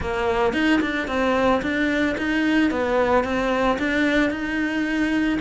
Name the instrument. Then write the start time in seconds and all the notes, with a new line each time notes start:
cello
0.00 A#3
0.53 D#4
0.81 D4
1.07 C4
1.62 D4
2.17 D#4
2.70 B3
3.23 C4
3.78 D4
4.30 D#4